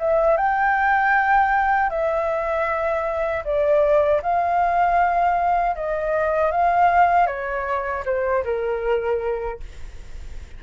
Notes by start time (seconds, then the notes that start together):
0.00 E5
0.37 G5
1.90 E5
3.45 D5
4.23 F5
5.76 D#5
6.52 F5
7.27 C#5
8.06 C5
8.45 A#4